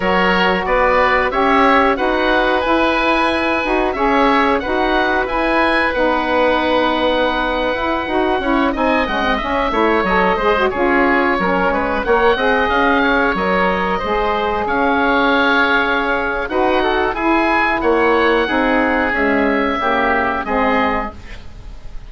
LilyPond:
<<
  \new Staff \with { instrumentName = "oboe" } { \time 4/4 \tempo 4 = 91 cis''4 d''4 e''4 fis''4 | gis''2 e''4 fis''4 | gis''4 fis''2.~ | fis''4~ fis''16 gis''8 fis''8 e''4 dis''8.~ |
dis''16 cis''2 fis''4 f''8.~ | f''16 dis''2 f''4.~ f''16~ | f''4 fis''4 gis''4 fis''4~ | fis''4 e''2 dis''4 | }
  \new Staff \with { instrumentName = "oboe" } { \time 4/4 ais'4 b'4 cis''4 b'4~ | b'2 cis''4 b'4~ | b'1~ | b'8. cis''8 dis''4. cis''4 c''16~ |
c''16 gis'4 ais'8 b'8 cis''8 dis''4 cis''16~ | cis''4~ cis''16 c''4 cis''4.~ cis''16~ | cis''4 b'8 a'8 gis'4 cis''4 | gis'2 g'4 gis'4 | }
  \new Staff \with { instrumentName = "saxophone" } { \time 4/4 fis'2 g'4 fis'4 | e'4. fis'8 gis'4 fis'4 | e'4 dis'2~ dis'8. e'16~ | e'16 fis'8 e'8 dis'8 cis'16 c'16 cis'8 e'8 a'8 gis'16 |
fis'16 f'4 cis'4 ais'8 gis'4~ gis'16~ | gis'16 ais'4 gis'2~ gis'8.~ | gis'4 fis'4 e'2 | dis'4 gis4 ais4 c'4 | }
  \new Staff \with { instrumentName = "bassoon" } { \time 4/4 fis4 b4 cis'4 dis'4 | e'4. dis'8 cis'4 dis'4 | e'4 b2~ b8. e'16~ | e'16 dis'8 cis'8 c'8 gis8 cis'8 a8 fis8 gis16~ |
gis16 cis'4 fis8 gis8 ais8 c'8 cis'8.~ | cis'16 fis4 gis4 cis'4.~ cis'16~ | cis'4 dis'4 e'4 ais4 | c'4 cis'4 cis4 gis4 | }
>>